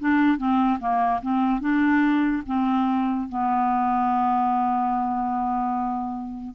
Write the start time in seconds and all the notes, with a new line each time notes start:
0.00 D4
0.38 C4
0.80 A#3
1.22 C4
1.61 D4
2.47 C4
3.29 B3